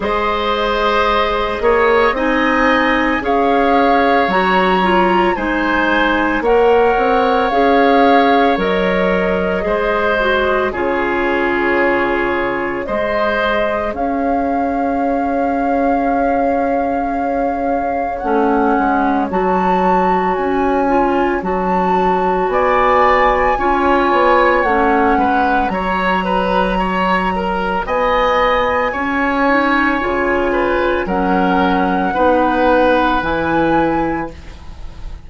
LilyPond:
<<
  \new Staff \with { instrumentName = "flute" } { \time 4/4 \tempo 4 = 56 dis''2 gis''4 f''4 | ais''4 gis''4 fis''4 f''4 | dis''2 cis''2 | dis''4 f''2.~ |
f''4 fis''4 a''4 gis''4 | a''4 gis''2 fis''4 | ais''2 gis''2~ | gis''4 fis''2 gis''4 | }
  \new Staff \with { instrumentName = "oboe" } { \time 4/4 c''4. cis''8 dis''4 cis''4~ | cis''4 c''4 cis''2~ | cis''4 c''4 gis'2 | c''4 cis''2.~ |
cis''1~ | cis''4 d''4 cis''4. b'8 | cis''8 b'8 cis''8 ais'8 dis''4 cis''4~ | cis''8 b'8 ais'4 b'2 | }
  \new Staff \with { instrumentName = "clarinet" } { \time 4/4 gis'2 dis'4 gis'4 | fis'8 f'8 dis'4 ais'4 gis'4 | ais'4 gis'8 fis'8 f'2 | gis'1~ |
gis'4 cis'4 fis'4. f'8 | fis'2 f'4 cis'4 | fis'2.~ fis'8 dis'8 | f'4 cis'4 dis'4 e'4 | }
  \new Staff \with { instrumentName = "bassoon" } { \time 4/4 gis4. ais8 c'4 cis'4 | fis4 gis4 ais8 c'8 cis'4 | fis4 gis4 cis2 | gis4 cis'2.~ |
cis'4 a8 gis8 fis4 cis'4 | fis4 b4 cis'8 b8 a8 gis8 | fis2 b4 cis'4 | cis4 fis4 b4 e4 | }
>>